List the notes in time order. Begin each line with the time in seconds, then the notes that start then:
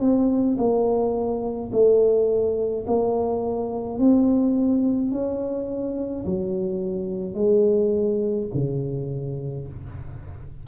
0.00 C4
0.57 A#3
1.72 A3
2.87 A#3
3.98 C4
5.11 C#4
6.25 F#3
7.34 G#3
8.54 C#3